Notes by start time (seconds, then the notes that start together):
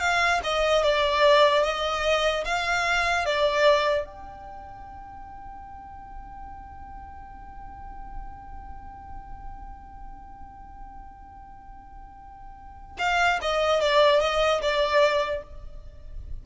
0.00 F5
0.44 D#5
0.83 D5
1.63 D#5
2.45 F5
3.25 D5
4.05 G5
12.99 F5
13.42 D#5
13.81 D5
14.21 D#5
14.62 D5